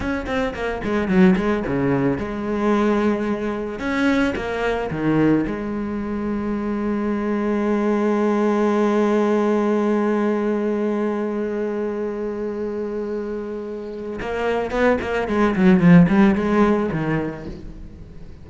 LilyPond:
\new Staff \with { instrumentName = "cello" } { \time 4/4 \tempo 4 = 110 cis'8 c'8 ais8 gis8 fis8 gis8 cis4 | gis2. cis'4 | ais4 dis4 gis2~ | gis1~ |
gis1~ | gis1~ | gis2 ais4 b8 ais8 | gis8 fis8 f8 g8 gis4 dis4 | }